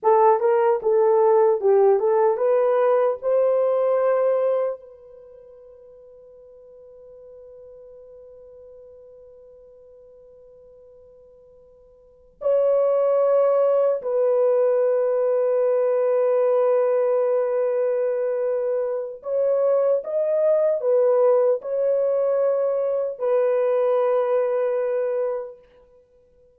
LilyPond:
\new Staff \with { instrumentName = "horn" } { \time 4/4 \tempo 4 = 75 a'8 ais'8 a'4 g'8 a'8 b'4 | c''2 b'2~ | b'1~ | b'2.~ b'8 cis''8~ |
cis''4. b'2~ b'8~ | b'1 | cis''4 dis''4 b'4 cis''4~ | cis''4 b'2. | }